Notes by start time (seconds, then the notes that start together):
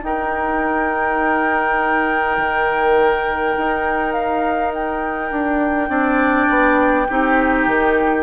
0.00 D#4 A#4 G5
2.37 D#3
3.58 D#4
4.13 F5
4.75 G5
5.32 D4
5.89 C4 D4 D5
6.50 B3
7.09 C4 D#4 G4
7.67 D#3